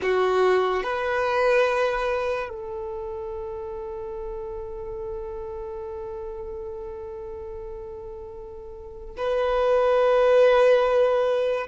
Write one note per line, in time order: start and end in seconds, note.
0.02 0.83 F#4
0.83 2.49 B4
2.49 9.16 A4
9.17 11.67 B4